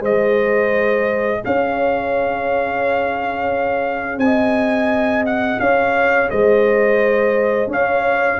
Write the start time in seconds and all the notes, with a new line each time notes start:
0.00 G#3 G#4 C5 D#5
1.44 C#4 C#5 F5
4.17 C4 D#5 G#5
5.26 F#5
5.59 C#4 C#5 F5
6.30 G#3 C5 D#5
7.67 C#4 C#5 F5